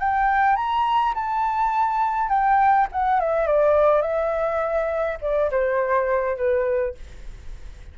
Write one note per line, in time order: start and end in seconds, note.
0.00 0.56 G5
0.56 1.14 A#5
1.14 2.29 A5
2.29 2.87 G5
2.92 3.20 F#5
3.20 3.47 E5
3.47 4.02 D5
4.02 5.18 E5
5.22 5.51 D5
5.51 6.37 C5
6.37 6.95 B4